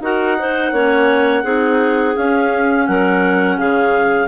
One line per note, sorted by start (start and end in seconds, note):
0.00 0.71 D#4
0.00 0.38 F#4
0.00 0.38 A#4
0.00 2.16 F#5
0.38 0.74 D#4
0.38 0.72 C5
0.72 1.43 A#3
0.72 1.44 C#4
0.72 1.43 C#5
1.43 2.15 C4
1.43 2.15 D#4
1.43 2.86 G#4
2.15 4.28 C#4
2.15 2.88 C#4
2.15 2.87 F5
2.87 3.59 F#3
2.87 3.58 A#4
2.87 3.58 F#5
3.58 4.28 C#3
3.58 4.28 G#4
3.58 4.28 F5